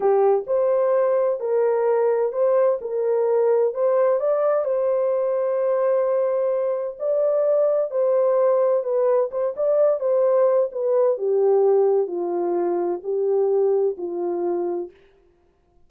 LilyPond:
\new Staff \with { instrumentName = "horn" } { \time 4/4 \tempo 4 = 129 g'4 c''2 ais'4~ | ais'4 c''4 ais'2 | c''4 d''4 c''2~ | c''2. d''4~ |
d''4 c''2 b'4 | c''8 d''4 c''4. b'4 | g'2 f'2 | g'2 f'2 | }